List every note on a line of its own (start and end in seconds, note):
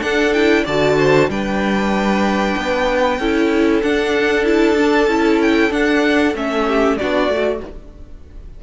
0.00 0.32 D4
0.00 0.66 D4
0.00 0.64 A4
0.00 0.33 F#5
0.33 0.66 E4
0.33 0.64 G5
0.64 1.28 D3
0.64 1.30 F#4
0.64 0.95 D5
0.64 1.30 A5
0.98 1.29 C5
1.28 2.55 G3
1.28 3.19 D4
1.28 3.19 B4
1.28 3.82 G5
2.57 3.19 B3
3.19 3.82 C#4
3.19 3.82 E4
3.19 6.66 A4
3.82 4.44 D4
3.82 5.07 D4
3.82 4.45 F#5
4.44 4.75 E4
4.44 5.42 A5
4.77 5.08 D4
5.07 5.70 C#4
5.07 5.70 E4
5.42 5.72 G5
5.70 6.33 D4
5.70 6.34 D4
5.70 6.35 F#5
6.34 6.97 A3
6.34 6.98 C#4
6.34 6.97 E5
6.67 6.98 G4
6.97 7.28 B3
6.97 7.31 D4
6.97 7.62 F#4
6.97 7.60 D5
7.28 7.60 A3
7.28 7.63 F#4